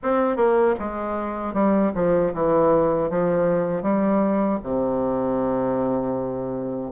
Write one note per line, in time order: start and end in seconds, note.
0.02 0.36 C4
0.36 0.74 A#3
0.79 1.53 G#3
1.53 1.92 G3
1.94 2.33 F3
2.33 3.09 E3
3.09 3.82 F3
3.82 4.59 G3
4.63 6.92 C3